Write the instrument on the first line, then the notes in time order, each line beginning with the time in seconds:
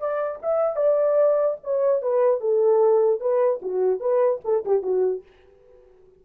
horn
0.00 D5
0.43 E5
0.77 D5
1.64 C#5
2.02 B4
2.41 A4
3.21 B4
3.62 F#4
4.01 B4
4.45 A4
4.66 G4
4.83 F#4